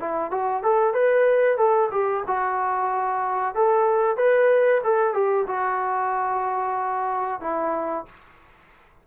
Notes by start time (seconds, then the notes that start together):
0.00 E4
0.31 F#4
0.63 A4
0.94 B4
1.58 A4
1.91 G4
2.27 F#4
3.55 A4
4.17 B4
4.84 A4
5.14 G4
5.47 F#4
7.41 E4